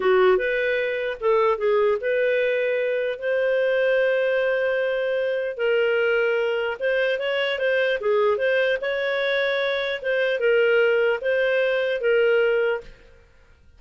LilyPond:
\new Staff \with { instrumentName = "clarinet" } { \time 4/4 \tempo 4 = 150 fis'4 b'2 a'4 | gis'4 b'2. | c''1~ | c''2 ais'2~ |
ais'4 c''4 cis''4 c''4 | gis'4 c''4 cis''2~ | cis''4 c''4 ais'2 | c''2 ais'2 | }